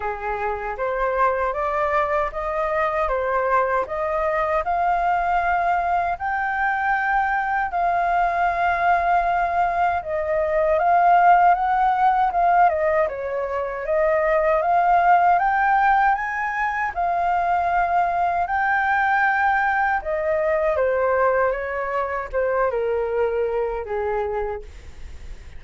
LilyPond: \new Staff \with { instrumentName = "flute" } { \time 4/4 \tempo 4 = 78 gis'4 c''4 d''4 dis''4 | c''4 dis''4 f''2 | g''2 f''2~ | f''4 dis''4 f''4 fis''4 |
f''8 dis''8 cis''4 dis''4 f''4 | g''4 gis''4 f''2 | g''2 dis''4 c''4 | cis''4 c''8 ais'4. gis'4 | }